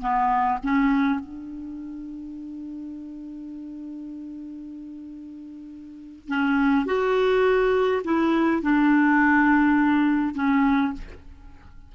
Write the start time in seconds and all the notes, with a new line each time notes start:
0.00 B3
0.63 C#4
1.19 D4
6.28 C#4
6.86 F#4
8.04 E4
8.62 D4
10.34 C#4